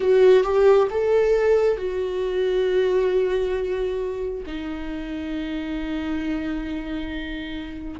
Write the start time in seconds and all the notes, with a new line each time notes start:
0.00 F#4
0.43 G4
0.90 A4
1.77 F#4
4.46 D#4